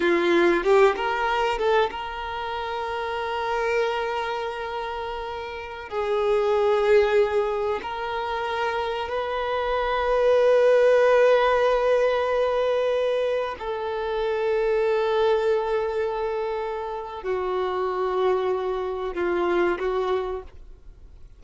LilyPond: \new Staff \with { instrumentName = "violin" } { \time 4/4 \tempo 4 = 94 f'4 g'8 ais'4 a'8 ais'4~ | ais'1~ | ais'4~ ais'16 gis'2~ gis'8.~ | gis'16 ais'2 b'4.~ b'16~ |
b'1~ | b'4~ b'16 a'2~ a'8.~ | a'2. fis'4~ | fis'2 f'4 fis'4 | }